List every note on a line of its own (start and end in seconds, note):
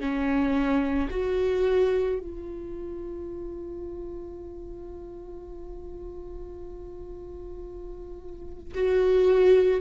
0.00 1.09 C#4
1.11 2.19 F#4
2.19 8.74 F4
8.75 9.81 F#4